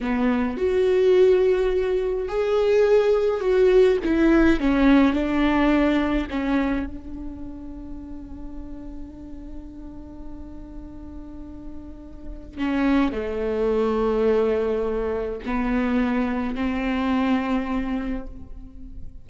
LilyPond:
\new Staff \with { instrumentName = "viola" } { \time 4/4 \tempo 4 = 105 b4 fis'2. | gis'2 fis'4 e'4 | cis'4 d'2 cis'4 | d'1~ |
d'1~ | d'2 cis'4 a4~ | a2. b4~ | b4 c'2. | }